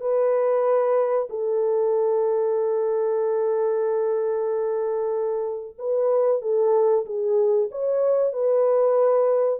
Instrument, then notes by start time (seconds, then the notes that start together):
horn
0.00 B4
1.29 A4
5.78 B4
6.41 A4
7.05 G#4
7.71 C#5
8.32 B4